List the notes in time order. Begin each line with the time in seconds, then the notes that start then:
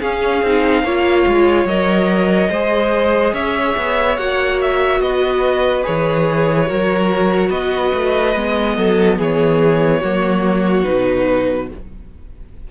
0.00 C#4 G#4 F5
0.42 C4 D#4
0.84 A#3 F4 C#5
1.26 G#3
1.64 F#3 A#4 D#5
2.50 G#3 G#4 C5
3.33 C#4 C#5 E5
3.77 B3
4.17 A#3 F#4 F#5
4.61 E5
5.00 B3 B4 D#5
5.83 E3 G#4 C#5
6.66 F#3 F#4 A#4
7.49 B3 B4 D#5
7.94 A3
8.35 G#3 B3
8.77 F#3 A4
9.18 E3 G#4 C#5
10.00 F#3 A#3 F#4
10.84 B2 D#4 B4